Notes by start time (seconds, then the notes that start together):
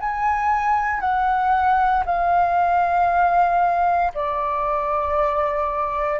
0.00 G#5
1.01 F#5
2.05 F5
4.14 D5